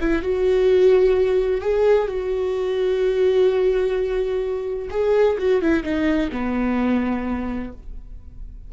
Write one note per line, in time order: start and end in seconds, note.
0.00 0.22 E4
0.22 1.61 F#4
1.61 2.08 G#4
2.08 4.89 F#4
4.90 5.37 G#4
5.38 5.61 F#4
5.61 5.83 E4
5.83 6.30 D#4
6.32 7.73 B3